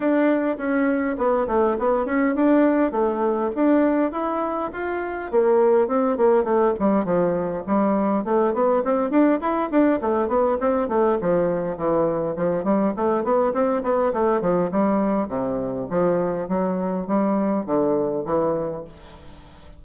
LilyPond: \new Staff \with { instrumentName = "bassoon" } { \time 4/4 \tempo 4 = 102 d'4 cis'4 b8 a8 b8 cis'8 | d'4 a4 d'4 e'4 | f'4 ais4 c'8 ais8 a8 g8 | f4 g4 a8 b8 c'8 d'8 |
e'8 d'8 a8 b8 c'8 a8 f4 | e4 f8 g8 a8 b8 c'8 b8 | a8 f8 g4 c4 f4 | fis4 g4 d4 e4 | }